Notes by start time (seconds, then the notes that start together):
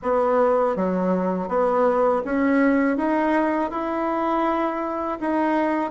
0.02 B3
0.76 F#3
1.48 B3
2.25 C#4
2.97 D#4
3.70 E4
5.20 D#4